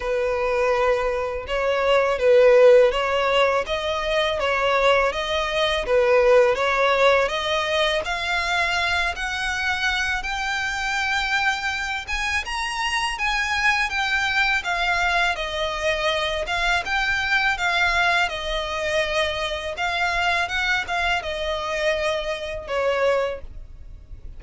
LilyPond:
\new Staff \with { instrumentName = "violin" } { \time 4/4 \tempo 4 = 82 b'2 cis''4 b'4 | cis''4 dis''4 cis''4 dis''4 | b'4 cis''4 dis''4 f''4~ | f''8 fis''4. g''2~ |
g''8 gis''8 ais''4 gis''4 g''4 | f''4 dis''4. f''8 g''4 | f''4 dis''2 f''4 | fis''8 f''8 dis''2 cis''4 | }